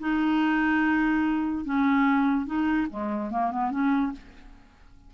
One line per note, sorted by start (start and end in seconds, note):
0.00 1.65 D#4
1.65 2.46 C#4
2.46 2.88 D#4
2.90 3.31 G#3
3.31 3.52 A#3
3.52 3.71 B3
3.71 4.12 C#4